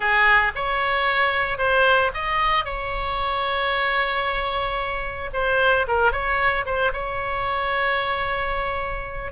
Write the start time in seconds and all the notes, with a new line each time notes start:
0.00 G#4
0.55 C#5
1.58 C5
2.14 D#5
2.65 C#5
5.33 C5
5.87 A#4
6.12 C#5
6.65 C5
6.93 C#5